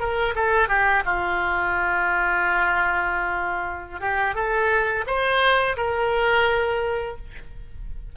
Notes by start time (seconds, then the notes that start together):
0.00 A#4
0.36 A4
0.69 G4
1.06 F4
4.01 G4
4.35 A4
5.07 C5
5.77 A#4